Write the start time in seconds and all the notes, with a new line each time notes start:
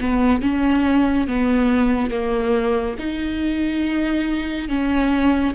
0.00 B3
0.41 C#4
1.27 B3
2.10 A#3
2.98 D#4
4.68 C#4